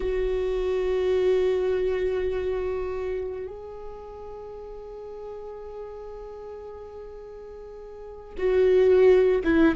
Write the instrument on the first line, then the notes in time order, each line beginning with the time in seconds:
viola
0.00 F#4
3.47 G#4
8.38 F#4
9.44 E4